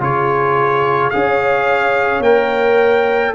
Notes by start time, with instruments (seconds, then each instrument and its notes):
0.00 tuba C#3, trombone F4, horn G#4, trumpet C#5
1.10 tuba C#4, trombone G#4, horn C#5, trumpet F5
2.20 tuba A#3, trombone A#4, trumpet G5